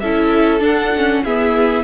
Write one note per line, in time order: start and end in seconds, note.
0.00 0.61 C#4
0.00 0.60 E4
0.00 1.23 A4
0.00 0.61 E5
0.60 0.91 D4
0.60 1.22 D4
0.60 1.24 F#5
0.97 1.27 C#4
1.24 1.84 B3
1.24 1.84 E4
1.24 1.84 G#4
1.24 1.84 E5